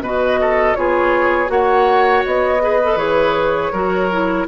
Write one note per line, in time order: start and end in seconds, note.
0.00 0.74 B2
0.00 0.76 F#4
0.00 0.40 B4
0.00 0.75 D#5
0.40 0.77 A4
0.75 1.49 B3
0.75 1.47 F4
0.75 1.52 G#4
0.75 1.49 C#5
1.47 2.23 A#3
1.47 2.58 F#4
1.47 2.63 C#5
1.47 2.23 F#5
2.26 2.96 B3
2.26 2.98 D#5
2.61 2.79 G#4
2.61 3.73 B4
2.83 2.98 A4
2.96 3.70 E3
2.96 3.72 G#4
2.96 4.46 C#5
3.73 4.47 F#3
3.73 4.11 F#4
3.73 4.47 A#4
4.11 4.48 E4